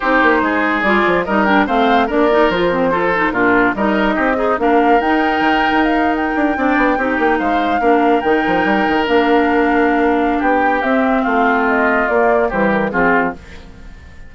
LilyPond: <<
  \new Staff \with { instrumentName = "flute" } { \time 4/4 \tempo 4 = 144 c''2 d''4 dis''8 g''8 | f''4 d''4 c''2 | ais'4 dis''2 f''4 | g''2 f''8. g''4~ g''16~ |
g''4.~ g''16 f''2 g''16~ | g''4.~ g''16 f''2~ f''16~ | f''4 g''4 e''4 f''4 | dis''4 d''4 c''8 ais'8 gis'4 | }
  \new Staff \with { instrumentName = "oboe" } { \time 4/4 g'4 gis'2 ais'4 | c''4 ais'2 a'4 | f'4 ais'4 g'8 dis'8 ais'4~ | ais'2.~ ais'8. d''16~ |
d''8. g'4 c''4 ais'4~ ais'16~ | ais'1~ | ais'4 g'2 f'4~ | f'2 g'4 f'4 | }
  \new Staff \with { instrumentName = "clarinet" } { \time 4/4 dis'2 f'4 dis'8 d'8 | c'4 d'8 dis'8 f'8 c'8 f'8 dis'8 | d'4 dis'4. gis'8 d'4 | dis'2.~ dis'8. d'16~ |
d'8. dis'2 d'4 dis'16~ | dis'4.~ dis'16 d'2~ d'16~ | d'2 c'2~ | c'4 ais4 g4 c'4 | }
  \new Staff \with { instrumentName = "bassoon" } { \time 4/4 c'8 ais8 gis4 g8 f8 g4 | a4 ais4 f2 | ais,4 g4 c'4 ais4 | dis'4 dis8. dis'4. d'8 c'16~ |
c'16 b8 c'8 ais8 gis4 ais4 dis16~ | dis16 f8 g8 dis8 ais2~ ais16~ | ais4 b4 c'4 a4~ | a4 ais4 e4 f4 | }
>>